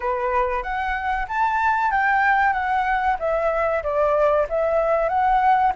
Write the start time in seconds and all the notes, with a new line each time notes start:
0.00 B4
0.62 F#5
1.28 A5
1.91 G5
2.52 F#5
3.19 E5
3.83 D5
4.49 E5
5.08 F#5